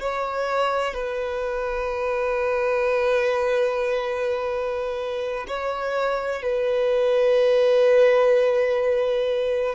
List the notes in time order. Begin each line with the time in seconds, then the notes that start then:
0.00 C#5
0.94 B4
5.47 C#5
6.42 B4